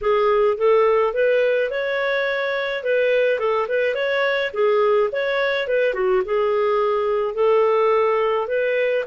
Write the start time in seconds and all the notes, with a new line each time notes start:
0.01 G#4
0.57 A4
1.13 B4
1.70 C#5
2.83 B4
3.39 A4
3.68 B4
3.95 C#5
4.53 G#4
5.11 C#5
5.67 B4
5.94 F#4
6.25 G#4
7.34 A4
8.47 B4